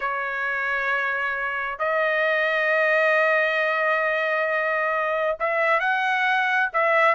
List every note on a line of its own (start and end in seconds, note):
0.00 1.78 C#5
1.78 5.37 D#5
5.39 5.80 E5
5.80 6.69 F#5
6.73 7.15 E5